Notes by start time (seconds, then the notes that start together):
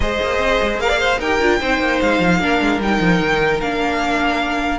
0.00 G#3 G#4 C5 D#5
0.22 A#3
0.39 C4
0.62 G#3
0.77 A#3 A#4 F5
0.88 D5
0.99 C5
1.18 D#4 G4 A#4 G5
1.40 D4 F4
1.60 C4 D#4 C5
1.79 A#3
2.01 G#3 F5
2.19 F3
2.39 A#3 D4 A#4
2.60 G#3
2.78 G3 D#4 G5
3.00 F3
3.20 D#3
3.60 A#3 D4 F5